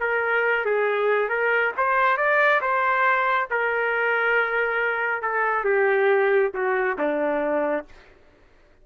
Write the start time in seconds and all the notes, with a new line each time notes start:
0.00 A#4
0.65 G#4
1.29 A#4
1.77 C5
2.17 D5
2.61 C5
3.50 A#4
5.22 A4
5.65 G4
6.54 F#4
6.98 D4